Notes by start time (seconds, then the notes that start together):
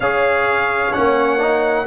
0.00 C#4 G#4 C#5 F5
0.93 A#3 C#4 F#5
1.38 D#4